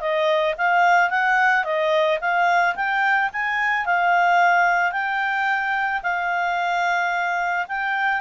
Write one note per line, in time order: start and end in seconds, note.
0.00 0.55 D#5
0.57 1.10 F5
1.10 1.64 F#5
1.64 2.19 D#5
2.20 2.75 F5
2.75 3.30 G5
3.32 3.85 G#5
3.85 4.92 F5
4.92 6.01 G5
6.02 7.66 F5
7.68 8.20 G5